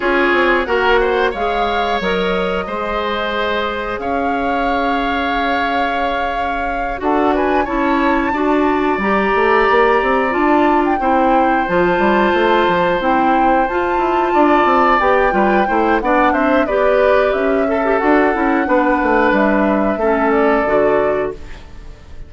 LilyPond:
<<
  \new Staff \with { instrumentName = "flute" } { \time 4/4 \tempo 4 = 90 cis''4 fis''4 f''4 dis''4~ | dis''2 f''2~ | f''2~ f''8 fis''8 gis''8 a''8~ | a''4. ais''2 a''8~ |
a''16 g''4~ g''16 a''2 g''8~ | g''8 a''2 g''4. | fis''8 e''8 d''4 e''4 fis''4~ | fis''4 e''4. d''4. | }
  \new Staff \with { instrumentName = "oboe" } { \time 4/4 gis'4 ais'8 c''8 cis''2 | c''2 cis''2~ | cis''2~ cis''8 a'8 b'8 cis''8~ | cis''8 d''2.~ d''8~ |
d''8 c''2.~ c''8~ | c''4. d''4. b'8 c''8 | d''8 c''8 b'4. a'4. | b'2 a'2 | }
  \new Staff \with { instrumentName = "clarinet" } { \time 4/4 f'4 fis'4 gis'4 ais'4 | gis'1~ | gis'2~ gis'8 fis'4 e'8~ | e'8 fis'4 g'2 f'8~ |
f'8 e'4 f'2 e'8~ | e'8 f'2 g'8 f'8 e'8 | d'4 g'4. a'16 g'16 fis'8 e'8 | d'2 cis'4 fis'4 | }
  \new Staff \with { instrumentName = "bassoon" } { \time 4/4 cis'8 c'8 ais4 gis4 fis4 | gis2 cis'2~ | cis'2~ cis'8 d'4 cis'8~ | cis'8 d'4 g8 a8 ais8 c'8 d'8~ |
d'8 c'4 f8 g8 a8 f8 c'8~ | c'8 f'8 e'8 d'8 c'8 b8 g8 a8 | b8 c'8 b4 cis'4 d'8 cis'8 | b8 a8 g4 a4 d4 | }
>>